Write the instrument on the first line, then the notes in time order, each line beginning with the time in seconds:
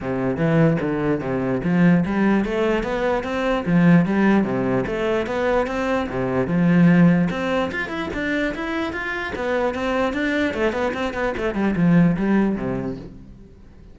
cello
0.01 C3
0.36 E3
0.81 D3
1.20 C3
1.64 F3
2.05 G3
2.44 A3
2.83 B3
3.23 C4
3.65 F3
4.05 G3
4.44 C3
4.86 A3
5.26 B3
5.66 C4
6.09 C3
6.47 F3
7.30 C4
7.71 F4
7.89 E4
8.13 D4
8.54 E4
8.92 F4
9.35 B3
9.74 C4
10.13 D4
10.54 A3
10.72 B3
10.93 C4
11.13 B3
11.37 A3
11.54 G3
11.75 F3
12.16 G3
12.56 C3